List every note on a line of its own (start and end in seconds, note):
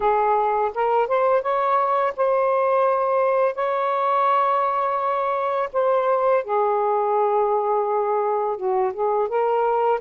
0.00 0.71 G#4
0.74 1.07 A#4
1.07 1.42 C5
1.42 2.13 C#5
2.16 3.55 C5
3.55 5.69 C#5
5.72 6.44 C5
6.44 8.56 G#4
8.56 8.92 F#4
8.93 9.28 G#4
9.28 9.99 A#4